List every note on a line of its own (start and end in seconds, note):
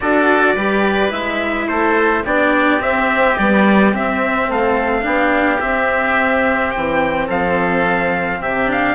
0.00 0.56 D4
0.00 0.57 F#4
0.00 0.54 A4
0.00 1.12 D5
0.54 1.11 G3
0.54 1.09 G4
0.54 1.66 B4
1.09 1.67 G#3
1.09 2.21 E4
1.09 1.67 E5
1.67 2.24 A3
1.67 2.23 A4
1.67 2.23 C5
2.24 2.81 B3
2.24 2.79 D4
2.24 4.48 G4
2.24 2.82 D5
2.79 3.35 C4
2.79 3.39 C4
2.79 3.37 E5
3.37 3.93 G3
3.37 3.93 B3
3.37 3.93 D5
3.93 4.48 C4
3.93 5.02 C4
3.93 4.51 E5
4.48 5.04 A3
4.48 5.04 A4
4.48 5.60 F5
5.02 5.61 B3
5.02 5.58 D4
5.02 7.26 G4
5.60 8.66 C4
5.60 6.74 C4
5.60 6.71 E5
6.71 7.28 E3
6.71 7.27 G5
7.26 8.40 F3
7.26 8.38 A4
7.26 8.42 F5
8.40 8.94 C3
8.40 8.94 G4
8.40 8.70 E5
8.66 8.94 D4
8.66 8.94 F5